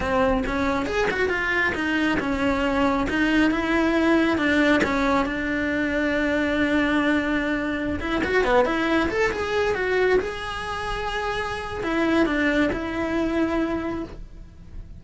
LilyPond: \new Staff \with { instrumentName = "cello" } { \time 4/4 \tempo 4 = 137 c'4 cis'4 gis'8 fis'8 f'4 | dis'4 cis'2 dis'4 | e'2 d'4 cis'4 | d'1~ |
d'2~ d'16 e'8 fis'8 b8 e'16~ | e'8. a'8 gis'4 fis'4 gis'8.~ | gis'2. e'4 | d'4 e'2. | }